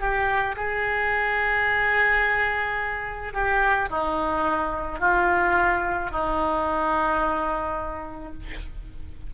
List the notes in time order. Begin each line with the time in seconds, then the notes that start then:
0.00 G4
0.57 G#4
3.34 G4
3.90 D#4
5.00 F4
6.11 D#4